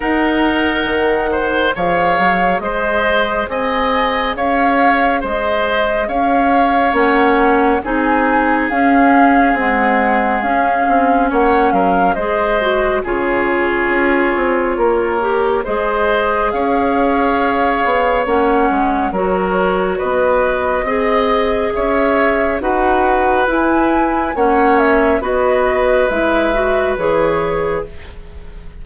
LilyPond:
<<
  \new Staff \with { instrumentName = "flute" } { \time 4/4 \tempo 4 = 69 fis''2 f''4 dis''4 | gis''4 f''4 dis''4 f''4 | fis''4 gis''4 f''4 fis''4 | f''4 fis''8 f''8 dis''4 cis''4~ |
cis''2 dis''4 f''4~ | f''4 fis''4 cis''4 dis''4~ | dis''4 e''4 fis''4 gis''4 | fis''8 e''8 dis''4 e''4 cis''4 | }
  \new Staff \with { instrumentName = "oboe" } { \time 4/4 ais'4. c''8 cis''4 c''4 | dis''4 cis''4 c''4 cis''4~ | cis''4 gis'2.~ | gis'4 cis''8 ais'8 c''4 gis'4~ |
gis'4 ais'4 c''4 cis''4~ | cis''2 ais'4 b'4 | dis''4 cis''4 b'2 | cis''4 b'2. | }
  \new Staff \with { instrumentName = "clarinet" } { \time 4/4 dis'2 gis'2~ | gis'1 | cis'4 dis'4 cis'4 gis4 | cis'2 gis'8 fis'8 f'4~ |
f'4. g'8 gis'2~ | gis'4 cis'4 fis'2 | gis'2 fis'4 e'4 | cis'4 fis'4 e'8 fis'8 gis'4 | }
  \new Staff \with { instrumentName = "bassoon" } { \time 4/4 dis'4 dis4 f8 fis8 gis4 | c'4 cis'4 gis4 cis'4 | ais4 c'4 cis'4 c'4 | cis'8 c'8 ais8 fis8 gis4 cis4 |
cis'8 c'8 ais4 gis4 cis'4~ | cis'8 b8 ais8 gis8 fis4 b4 | c'4 cis'4 dis'4 e'4 | ais4 b4 gis4 e4 | }
>>